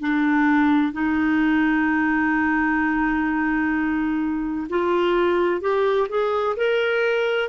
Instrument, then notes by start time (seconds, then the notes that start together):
clarinet
0.00 D4
0.92 D#4
4.69 F4
5.60 G4
6.09 G#4
6.56 A#4